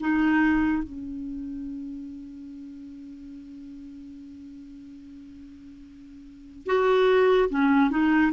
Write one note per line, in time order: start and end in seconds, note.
0.00 0.83 D#4
0.83 6.66 C#4
6.66 7.49 F#4
7.49 7.90 C#4
7.90 8.32 D#4